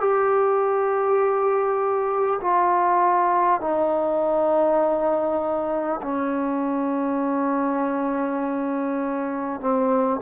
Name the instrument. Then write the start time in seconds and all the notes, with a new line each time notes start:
trombone
0.00 G4
2.41 F4
3.61 D#4
6.02 C#4
9.61 C4